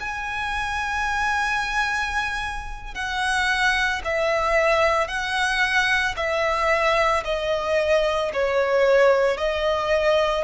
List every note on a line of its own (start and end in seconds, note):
0.00 2.95 G#5
2.95 4.02 F#5
4.04 5.07 E5
5.07 6.15 F#5
6.16 7.23 E5
7.24 8.31 D#5
8.33 9.37 C#5
9.37 10.44 D#5